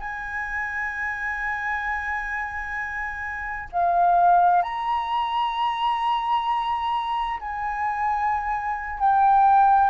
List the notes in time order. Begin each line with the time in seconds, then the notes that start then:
0.00 G#5
3.72 F5
4.62 A#5
7.40 G#5
9.00 G5